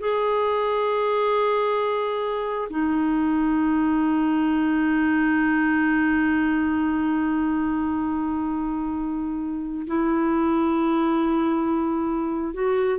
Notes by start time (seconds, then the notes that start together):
0.00 G#4
2.69 D#4
9.87 E4
12.54 F#4